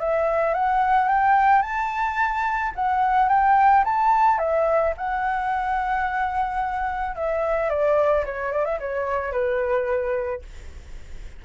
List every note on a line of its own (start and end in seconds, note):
0.00 0.55 E5
0.55 1.09 F#5
1.09 1.62 G5
1.62 2.72 A5
2.76 3.30 F#5
3.30 3.85 G5
3.85 4.39 A5
4.39 4.94 E5
4.98 7.16 F#5
7.16 7.70 E5
7.70 8.25 D5
8.26 8.52 C#5
8.52 8.65 D5
8.65 8.79 E5
8.80 9.32 C#5
9.32 10.42 B4